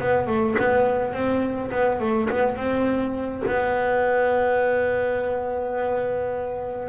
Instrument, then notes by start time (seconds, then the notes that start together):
double bass
0.00 B3
0.27 A3
0.59 B3
1.13 C4
1.72 B3
2.00 A3
2.30 B3
2.56 C4
3.47 B3